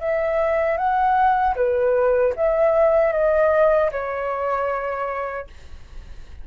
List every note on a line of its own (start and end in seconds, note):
0.00 0.77 E5
0.77 1.55 F#5
1.55 2.33 B4
2.36 3.12 E5
3.12 3.90 D#5
3.91 5.47 C#5